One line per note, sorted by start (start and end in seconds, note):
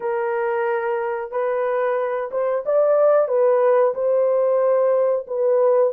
0.00 1.31 A#4
1.31 2.30 B4
2.31 2.64 C5
2.65 3.28 D5
3.28 3.94 B4
3.94 5.26 C5
5.27 5.93 B4